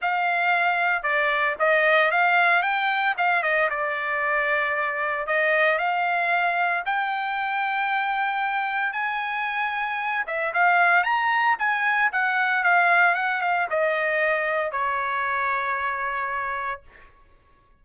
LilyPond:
\new Staff \with { instrumentName = "trumpet" } { \time 4/4 \tempo 4 = 114 f''2 d''4 dis''4 | f''4 g''4 f''8 dis''8 d''4~ | d''2 dis''4 f''4~ | f''4 g''2.~ |
g''4 gis''2~ gis''8 e''8 | f''4 ais''4 gis''4 fis''4 | f''4 fis''8 f''8 dis''2 | cis''1 | }